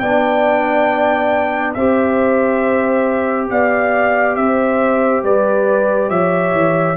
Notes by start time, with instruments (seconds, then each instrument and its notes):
0.00 tuba B3, trombone D4, horn D5, trumpet G5
1.75 tuba C4, trombone G4, horn C5, trumpet E5
3.51 tuba B3, horn D5, trumpet F5
4.36 tuba C4, horn C5, trumpet E5
5.24 tuba G3, horn B4, trumpet D5
6.10 tuba F3, horn C#5, trumpet E5
6.53 tuba E3